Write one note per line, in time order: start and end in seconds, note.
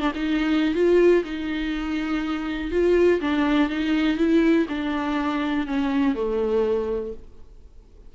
0.00 0.12 D4
0.15 0.75 D#4
0.75 1.24 F4
1.25 2.72 D#4
2.72 3.21 F4
3.21 3.70 D4
3.70 4.18 D#4
4.18 4.67 E4
4.69 5.67 D4
5.67 6.15 C#4
6.15 7.14 A3